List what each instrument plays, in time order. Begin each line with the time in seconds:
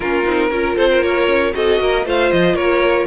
0.00 cello A#3, viola C#4, violin F4 A#4
0.24 cello C4, viola D#4
0.50 cello C#4, viola F4, violin A#4
0.76 cello C4, violin A4 C5
0.89 violin A#4
1.02 cello A#3, violin C#5
1.27 cello C#4
1.52 cello C4, viola F#4, violin A4 D#5
1.79 cello A#3, violin A#4
2.05 cello A3, viola F4, violin C5 F5
2.31 cello F3, violin D#5
2.54 cello A#3, violin A#4 C#5